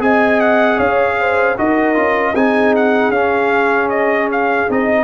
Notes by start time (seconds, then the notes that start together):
0.00 C4 G#4 D#5 G#5
0.41 F#5
0.78 C#4 C#5 F5
1.20 C5
1.58 D#4 F#4 A#4 D#5
1.95 C#4 F4
2.34 C4 D#4 G#4 G#5
2.76 F#5
3.09 C#4 F5
3.90 D#5
4.32 F5
4.69 C4 D#4 D#5